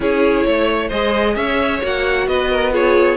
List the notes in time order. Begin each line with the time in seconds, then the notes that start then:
0.00 C#4 E4 G#4 C#5
0.45 A3 C#5
0.88 G#3 G#4 C5 D#5
1.35 C#4 C#5 E5
1.82 A#3 F#4 F#5
2.27 B3 B4 D#5
2.50 A#4
2.71 F4 G#4 C#5